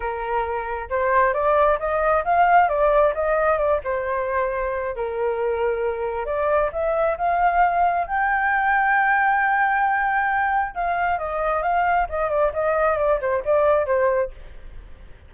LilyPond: \new Staff \with { instrumentName = "flute" } { \time 4/4 \tempo 4 = 134 ais'2 c''4 d''4 | dis''4 f''4 d''4 dis''4 | d''8 c''2~ c''8 ais'4~ | ais'2 d''4 e''4 |
f''2 g''2~ | g''1 | f''4 dis''4 f''4 dis''8 d''8 | dis''4 d''8 c''8 d''4 c''4 | }